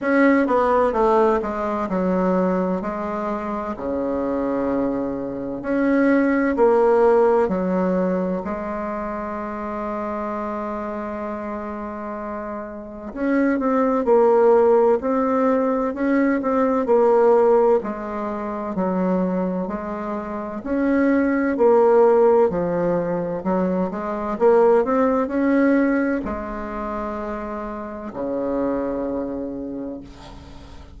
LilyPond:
\new Staff \with { instrumentName = "bassoon" } { \time 4/4 \tempo 4 = 64 cis'8 b8 a8 gis8 fis4 gis4 | cis2 cis'4 ais4 | fis4 gis2.~ | gis2 cis'8 c'8 ais4 |
c'4 cis'8 c'8 ais4 gis4 | fis4 gis4 cis'4 ais4 | f4 fis8 gis8 ais8 c'8 cis'4 | gis2 cis2 | }